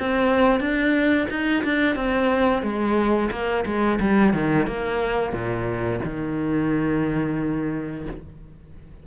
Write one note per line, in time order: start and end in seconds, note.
0.00 0.60 C4
0.60 1.28 D4
1.30 1.64 D#4
1.65 1.96 D4
1.96 2.63 C4
2.63 3.30 G#3
3.32 3.65 A#3
3.66 4.00 G#3
4.01 4.34 G3
4.34 4.67 D#3
4.67 5.33 A#3
5.33 6.01 A#2
6.05 8.07 D#3